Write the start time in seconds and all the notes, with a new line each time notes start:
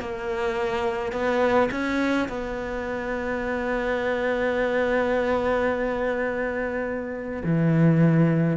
0.00 A#3
1.12 B3
1.71 C#4
2.28 B3
7.43 E3